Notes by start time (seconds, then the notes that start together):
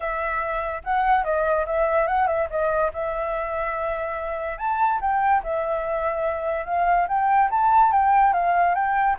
0.00 E5
0.84 F#5
1.24 D#5
1.66 E5
2.07 F#5
2.27 E5
2.50 D#5
2.93 E5
4.58 A5
5.00 G5
5.43 E5
6.65 F5
7.08 G5
7.50 A5
7.91 G5
8.33 F5
8.74 G5